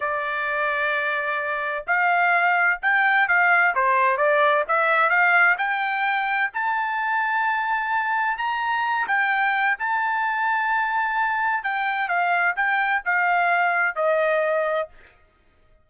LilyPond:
\new Staff \with { instrumentName = "trumpet" } { \time 4/4 \tempo 4 = 129 d''1 | f''2 g''4 f''4 | c''4 d''4 e''4 f''4 | g''2 a''2~ |
a''2 ais''4. g''8~ | g''4 a''2.~ | a''4 g''4 f''4 g''4 | f''2 dis''2 | }